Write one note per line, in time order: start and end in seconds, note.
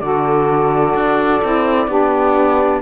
0.00 0.95 D3
0.00 1.42 F#4
0.00 1.88 A4
0.00 2.81 D5
0.95 1.42 D4
1.43 1.88 C4
1.43 1.89 E4
1.88 2.81 B3
1.88 2.82 D4
1.88 2.82 G4